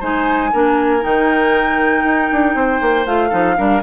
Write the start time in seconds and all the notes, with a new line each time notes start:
0.00 G#3 D#4 C5 G#5
0.53 A#3 D4 A#4
1.01 D#3 D#4 G5
2.04 D#4
2.32 D4
2.55 C4 C5
2.81 A#3
3.06 A3 F4 F5
3.29 F3 D#4 A4
3.56 G3 D4 A#4